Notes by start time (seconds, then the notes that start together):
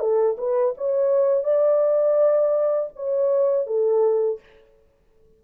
0.00 A4
0.38 B4
0.78 C#5
1.44 D5
2.96 C#5
3.67 A4